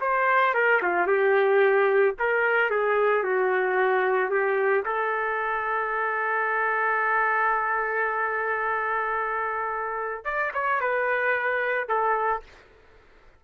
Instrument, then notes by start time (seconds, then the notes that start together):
trumpet
0.00 C5
0.54 A#4
0.82 F4
1.07 G4
2.19 A#4
2.70 G#4
3.23 F#4
4.29 G4
4.85 A4
10.24 D5
10.54 C#5
10.80 B4
11.88 A4